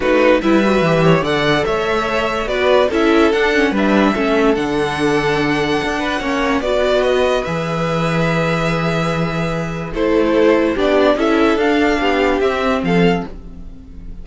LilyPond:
<<
  \new Staff \with { instrumentName = "violin" } { \time 4/4 \tempo 4 = 145 b'4 e''2 fis''4 | e''2 d''4 e''4 | fis''4 e''2 fis''4~ | fis''1 |
d''4 dis''4 e''2~ | e''1 | c''2 d''4 e''4 | f''2 e''4 f''4 | }
  \new Staff \with { instrumentName = "violin" } { \time 4/4 fis'4 b'4. cis''8 d''4 | cis''2 b'4 a'4~ | a'4 b'4 a'2~ | a'2~ a'8 b'8 cis''4 |
b'1~ | b'1 | a'2 g'4 a'4~ | a'4 g'2 a'4 | }
  \new Staff \with { instrumentName = "viola" } { \time 4/4 dis'4 e'8 fis'8 g'4 a'4~ | a'2 fis'4 e'4 | d'8 cis'8 d'4 cis'4 d'4~ | d'2. cis'4 |
fis'2 gis'2~ | gis'1 | e'2 d'4 e'4 | d'2 c'2 | }
  \new Staff \with { instrumentName = "cello" } { \time 4/4 a4 g4 e4 d4 | a2 b4 cis'4 | d'4 g4 a4 d4~ | d2 d'4 ais4 |
b2 e2~ | e1 | a2 b4 cis'4 | d'4 b4 c'4 f4 | }
>>